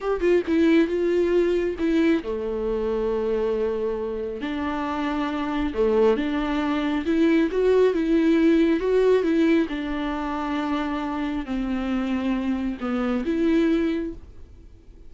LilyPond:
\new Staff \with { instrumentName = "viola" } { \time 4/4 \tempo 4 = 136 g'8 f'8 e'4 f'2 | e'4 a2.~ | a2 d'2~ | d'4 a4 d'2 |
e'4 fis'4 e'2 | fis'4 e'4 d'2~ | d'2 c'2~ | c'4 b4 e'2 | }